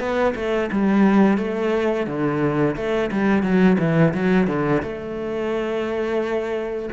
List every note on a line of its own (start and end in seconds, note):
0.00 0.34 B3
0.36 0.70 A3
0.72 1.38 G3
1.38 2.07 A3
2.07 2.76 D3
2.76 3.11 A3
3.12 3.43 G3
3.43 3.78 F#3
3.79 4.14 E3
4.14 4.48 F#3
4.48 4.82 D3
4.83 6.90 A3